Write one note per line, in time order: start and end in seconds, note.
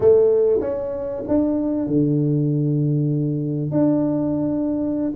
0.00 0.60 A3
0.61 1.23 C#4
1.28 1.86 D4
1.86 3.71 D3
3.71 5.11 D4